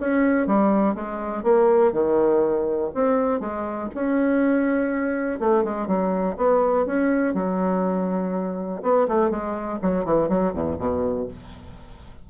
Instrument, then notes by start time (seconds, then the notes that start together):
bassoon
0.00 C#4
0.46 G3
0.95 G#3
1.43 A#3
1.92 D#3
2.94 C4
3.40 G#3
3.94 C#4
5.39 A3
5.64 G#3
5.87 F#3
6.37 B3
6.86 C#4
7.34 F#3
8.82 B3
9.08 A3
9.30 G#3
9.82 F#3
10.05 E3
10.29 F#3
10.53 E2
10.78 B2